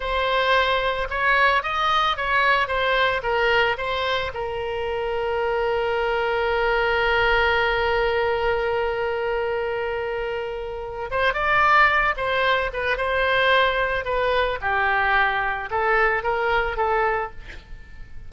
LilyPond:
\new Staff \with { instrumentName = "oboe" } { \time 4/4 \tempo 4 = 111 c''2 cis''4 dis''4 | cis''4 c''4 ais'4 c''4 | ais'1~ | ais'1~ |
ais'1~ | ais'8 c''8 d''4. c''4 b'8 | c''2 b'4 g'4~ | g'4 a'4 ais'4 a'4 | }